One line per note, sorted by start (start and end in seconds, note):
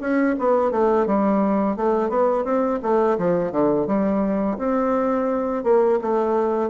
0.00 0.35 C#4
0.39 0.71 B3
0.71 1.06 A3
1.06 1.76 G3
1.76 2.09 A3
2.09 2.44 B3
2.44 2.79 C4
2.82 3.18 A3
3.18 3.52 F3
3.52 3.87 D3
3.87 4.57 G3
4.58 5.64 C4
5.64 5.99 A#3
6.01 6.70 A3